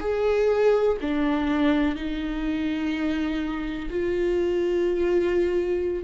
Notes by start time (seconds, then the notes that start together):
0.00 G#4
1.01 D4
1.95 D#4
3.89 F4